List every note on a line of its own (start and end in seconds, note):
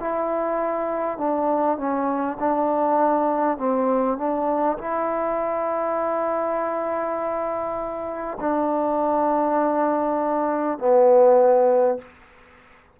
0.00 1.18 E4
1.18 1.77 D4
1.77 2.37 C#4
2.39 3.57 D4
3.57 4.17 C4
4.17 4.77 D4
4.78 8.38 E4
8.40 10.78 D4
10.78 11.98 B3